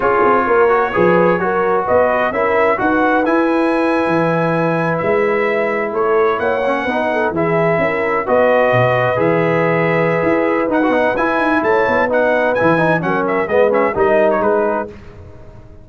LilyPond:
<<
  \new Staff \with { instrumentName = "trumpet" } { \time 4/4 \tempo 4 = 129 cis''1 | dis''4 e''4 fis''4 gis''4~ | gis''2~ gis''8. e''4~ e''16~ | e''8. cis''4 fis''2 e''16~ |
e''4.~ e''16 dis''2 e''16~ | e''2. fis''4 | gis''4 a''4 fis''4 gis''4 | fis''8 e''8 dis''8 e''8 dis''8. cis''16 b'4 | }
  \new Staff \with { instrumentName = "horn" } { \time 4/4 gis'4 ais'4 b'4 ais'4 | b'4 ais'4 b'2~ | b'1~ | b'8. a'4 cis''4 b'8 a'8 gis'16~ |
gis'8. ais'4 b'2~ b'16~ | b'1~ | b'4 cis''4 b'2 | ais'4 b'4 ais'4 gis'4 | }
  \new Staff \with { instrumentName = "trombone" } { \time 4/4 f'4. fis'8 gis'4 fis'4~ | fis'4 e'4 fis'4 e'4~ | e'1~ | e'2~ e'16 cis'8 dis'4 e'16~ |
e'4.~ e'16 fis'2 gis'16~ | gis'2. dis'16 fis'16 dis'8 | e'2 dis'4 e'8 dis'8 | cis'4 b8 cis'8 dis'2 | }
  \new Staff \with { instrumentName = "tuba" } { \time 4/4 cis'8 c'8 ais4 f4 fis4 | b4 cis'4 dis'4 e'4~ | e'8. e2 gis4~ gis16~ | gis8. a4 ais4 b4 e16~ |
e8. cis'4 b4 b,4 e16~ | e2 e'4 dis'8 b8 | e'8 dis'8 a8 b4. e4 | fis4 gis4 g4 gis4 | }
>>